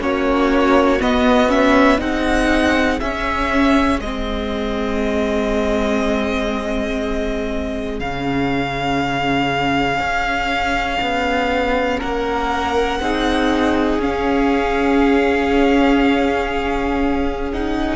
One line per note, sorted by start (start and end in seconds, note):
0.00 1.00 A#3
0.00 1.00 C#4
0.00 1.99 F#4
0.00 1.02 C#5
1.00 1.48 B3
1.00 2.00 B3
1.00 1.50 D#5
1.48 1.98 C#4
1.48 2.00 E5
1.98 3.00 C4
1.98 2.98 D#4
1.98 11.99 G#4
1.98 3.00 F#5
3.00 4.00 C#4
3.00 4.02 C#4
3.00 4.00 E5
4.00 8.00 G#3
4.00 8.01 C4
4.00 8.00 D#5
8.00 9.99 C#3
8.00 13.01 C#4
8.00 12.00 F5
9.99 10.99 C#4
11.01 12.01 B3
11.99 13.00 A#3
11.99 12.99 A#4
11.99 14.01 F#5
13.00 13.99 C4
13.00 14.01 D#4
13.00 17.96 G#4
13.99 17.96 C#4
13.99 17.51 C#4
13.99 17.52 F5
17.52 17.96 D#4
17.52 17.96 F#5